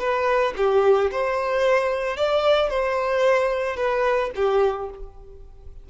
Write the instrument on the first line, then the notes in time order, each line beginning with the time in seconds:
violin
0.00 B4
0.57 G4
1.12 C5
2.17 D5
2.70 C5
3.77 B4
4.36 G4